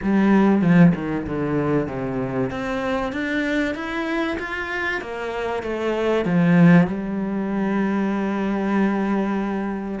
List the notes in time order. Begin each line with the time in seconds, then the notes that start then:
0.02 G3
0.61 F3
0.94 D#3
1.26 D3
1.88 C3
2.50 C4
3.12 D4
3.74 E4
4.39 F4
5.01 A#3
5.62 A3
6.25 F3
6.87 G3